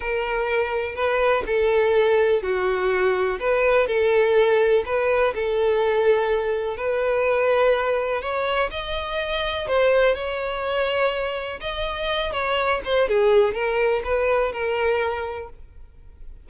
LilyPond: \new Staff \with { instrumentName = "violin" } { \time 4/4 \tempo 4 = 124 ais'2 b'4 a'4~ | a'4 fis'2 b'4 | a'2 b'4 a'4~ | a'2 b'2~ |
b'4 cis''4 dis''2 | c''4 cis''2. | dis''4. cis''4 c''8 gis'4 | ais'4 b'4 ais'2 | }